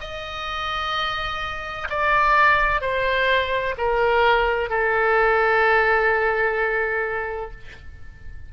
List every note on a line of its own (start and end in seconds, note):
0.00 1.87 D#5
1.89 2.81 D5
2.81 3.75 C5
3.78 4.69 A#4
4.69 7.50 A4